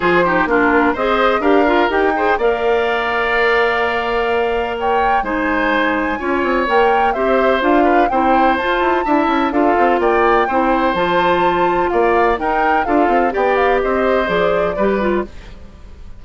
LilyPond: <<
  \new Staff \with { instrumentName = "flute" } { \time 4/4 \tempo 4 = 126 c''4 ais'4 dis''4 f''4 | g''4 f''2.~ | f''2 g''4 gis''4~ | gis''2 g''4 e''4 |
f''4 g''4 a''2 | f''4 g''2 a''4~ | a''4 f''4 g''4 f''4 | g''8 f''8 dis''4 d''2 | }
  \new Staff \with { instrumentName = "oboe" } { \time 4/4 gis'8 g'8 f'4 c''4 ais'4~ | ais'8 c''8 d''2.~ | d''2 cis''4 c''4~ | c''4 cis''2 c''4~ |
c''8 b'8 c''2 e''4 | a'4 d''4 c''2~ | c''4 d''4 ais'4 a'4 | d''4 c''2 b'4 | }
  \new Staff \with { instrumentName = "clarinet" } { \time 4/4 f'8 dis'8 d'4 gis'4 g'8 f'8 | g'8 gis'8 ais'2.~ | ais'2. dis'4~ | dis'4 f'4 ais'4 g'4 |
f'4 e'4 f'4 e'4 | f'2 e'4 f'4~ | f'2 dis'4 f'4 | g'2 gis'4 g'8 f'8 | }
  \new Staff \with { instrumentName = "bassoon" } { \time 4/4 f4 ais4 c'4 d'4 | dis'4 ais2.~ | ais2. gis4~ | gis4 cis'8 c'8 ais4 c'4 |
d'4 c'4 f'8 e'8 d'8 cis'8 | d'8 c'8 ais4 c'4 f4~ | f4 ais4 dis'4 d'8 c'8 | b4 c'4 f4 g4 | }
>>